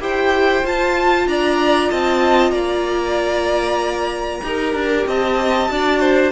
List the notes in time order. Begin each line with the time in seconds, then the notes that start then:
0.00 E4 G4 C5 G5
0.63 F4 A5
1.27 D4 D5 A#5
1.89 C4 D#5 A5
2.51 A#3 D5 A#5
4.43 D#4 G4 A#4
4.74 D4
5.06 C4 D#5 A5
5.69 D4 F#4 D5
6.00 C5